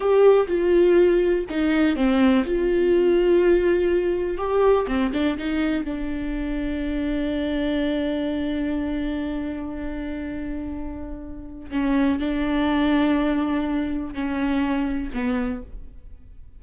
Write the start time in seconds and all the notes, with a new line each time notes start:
0.00 G4
0.47 F4
1.49 D#4
1.95 C4
2.45 F4
4.37 G4
4.87 C4
5.13 D4
5.37 D#4
5.84 D4
11.70 C#4
12.19 D4
14.13 C#4
15.13 B3